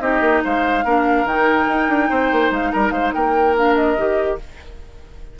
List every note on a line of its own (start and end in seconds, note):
0.00 0.21 C4
0.00 0.84 D#4
0.00 0.43 G4
0.00 0.42 D#5
0.21 0.41 A#3
0.44 0.84 G#3
0.44 0.84 C5
0.44 1.27 F5
0.84 1.24 A#3
0.84 1.27 D4
0.84 2.09 A#4
1.24 1.66 D#3
1.24 3.57 D#4
1.24 2.52 G5
1.67 1.88 D#4
1.88 2.09 D4
2.09 2.31 C4
2.09 2.72 C5
2.32 2.51 A#3
2.51 2.71 G#3
2.51 2.72 F5
2.72 2.91 G3
2.72 2.93 A#4
2.72 2.91 A#5
2.91 3.12 G#3
2.91 3.13 C5
2.91 3.11 F5
3.13 3.97 A#3
3.13 4.39 A#4
3.13 3.55 G5
3.57 3.97 D4
3.57 3.75 F5
3.75 4.38 D#5
3.97 4.39 D#3
3.97 4.39 G4